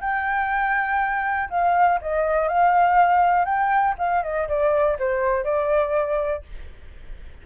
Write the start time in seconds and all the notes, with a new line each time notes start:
0.00 G5
1.49 F5
2.01 D#5
2.48 F5
3.44 G5
3.98 F5
4.23 D#5
4.48 D5
4.99 C5
5.44 D5